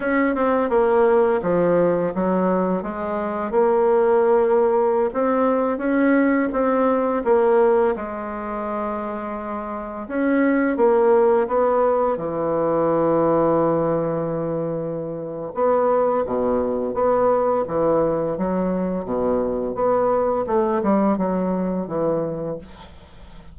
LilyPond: \new Staff \with { instrumentName = "bassoon" } { \time 4/4 \tempo 4 = 85 cis'8 c'8 ais4 f4 fis4 | gis4 ais2~ ais16 c'8.~ | c'16 cis'4 c'4 ais4 gis8.~ | gis2~ gis16 cis'4 ais8.~ |
ais16 b4 e2~ e8.~ | e2 b4 b,4 | b4 e4 fis4 b,4 | b4 a8 g8 fis4 e4 | }